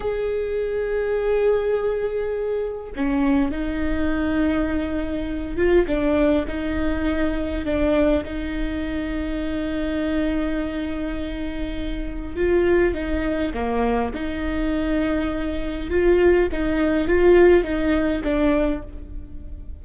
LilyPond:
\new Staff \with { instrumentName = "viola" } { \time 4/4 \tempo 4 = 102 gis'1~ | gis'4 cis'4 dis'2~ | dis'4. f'8 d'4 dis'4~ | dis'4 d'4 dis'2~ |
dis'1~ | dis'4 f'4 dis'4 ais4 | dis'2. f'4 | dis'4 f'4 dis'4 d'4 | }